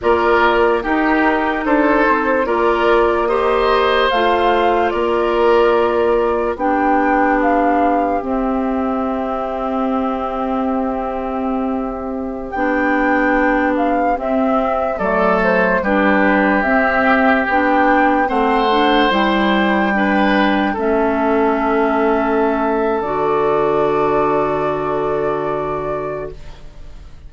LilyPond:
<<
  \new Staff \with { instrumentName = "flute" } { \time 4/4 \tempo 4 = 73 d''4 ais'4 c''4 d''4 | dis''4 f''4 d''2 | g''4 f''4 e''2~ | e''2.~ e''16 g''8.~ |
g''8. f''8 e''4 d''8 c''8 b'8.~ | b'16 e''4 g''4 fis''4 g''8.~ | g''4~ g''16 e''2~ e''8. | d''1 | }
  \new Staff \with { instrumentName = "oboe" } { \time 4/4 ais'4 g'4 a'4 ais'4 | c''2 ais'2 | g'1~ | g'1~ |
g'2~ g'16 a'4 g'8.~ | g'2~ g'16 c''4.~ c''16~ | c''16 b'4 a'2~ a'8.~ | a'1 | }
  \new Staff \with { instrumentName = "clarinet" } { \time 4/4 f'4 dis'2 f'4 | g'4 f'2. | d'2 c'2~ | c'2.~ c'16 d'8.~ |
d'4~ d'16 c'4 a4 d'8.~ | d'16 c'4 d'4 c'8 d'8 e'8.~ | e'16 d'4 cis'2~ cis'8. | fis'1 | }
  \new Staff \with { instrumentName = "bassoon" } { \time 4/4 ais4 dis'4 d'8 c'8 ais4~ | ais4 a4 ais2 | b2 c'2~ | c'2.~ c'16 b8.~ |
b4~ b16 c'4 fis4 g8.~ | g16 c'4 b4 a4 g8.~ | g4~ g16 a2~ a8. | d1 | }
>>